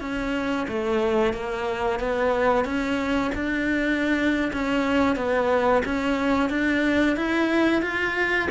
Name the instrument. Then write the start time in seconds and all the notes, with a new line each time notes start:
cello
0.00 C#4
0.68 A3
1.33 A#3
1.99 B3
2.64 C#4
3.35 D4
4.52 C#4
5.15 B3
5.85 C#4
6.49 D4
7.16 E4
7.82 F4